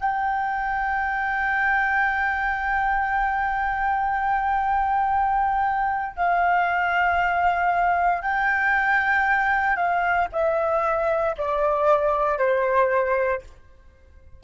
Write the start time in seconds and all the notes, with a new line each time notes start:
0.00 G5
6.16 F5
8.22 G5
9.76 F5
10.32 E5
11.37 D5
12.38 C5